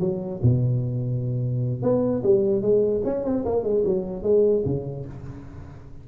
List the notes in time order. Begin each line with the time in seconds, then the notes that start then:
0.00 F#3
0.42 B2
1.82 B3
2.23 G3
2.61 G#3
3.05 C#4
3.24 C4
3.45 A#3
3.64 G#3
3.85 F#3
4.23 G#3
4.65 C#3